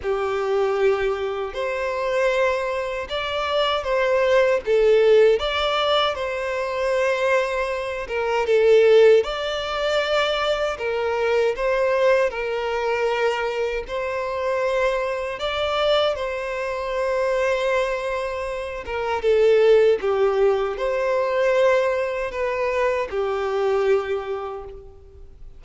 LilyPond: \new Staff \with { instrumentName = "violin" } { \time 4/4 \tempo 4 = 78 g'2 c''2 | d''4 c''4 a'4 d''4 | c''2~ c''8 ais'8 a'4 | d''2 ais'4 c''4 |
ais'2 c''2 | d''4 c''2.~ | c''8 ais'8 a'4 g'4 c''4~ | c''4 b'4 g'2 | }